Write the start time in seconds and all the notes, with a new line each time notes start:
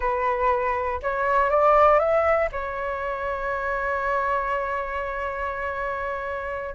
0.00 B4
1.02 C#5
1.50 D5
1.99 E5
2.52 C#5